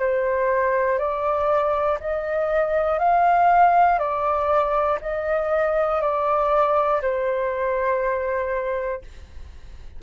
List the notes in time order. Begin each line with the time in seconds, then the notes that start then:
0.00 C5
0.99 D5
2.01 D#5
2.99 F5
4.00 D5
5.02 D#5
6.02 D5
7.02 C5